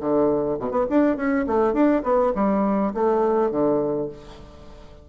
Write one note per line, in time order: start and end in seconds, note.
0.00 0.58 D3
0.59 0.71 B2
0.71 0.86 B3
0.90 1.17 D4
1.17 1.46 C#4
1.47 1.73 A3
1.73 2.02 D4
2.03 2.32 B3
2.35 2.93 G3
2.94 3.51 A3
3.51 4.09 D3